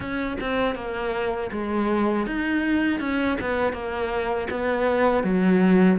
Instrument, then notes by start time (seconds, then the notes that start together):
cello
0.00 C#4
0.40 C4
0.75 A#3
1.51 G#3
2.26 D#4
3.00 C#4
3.41 B3
3.72 A#3
4.50 B3
5.23 F#3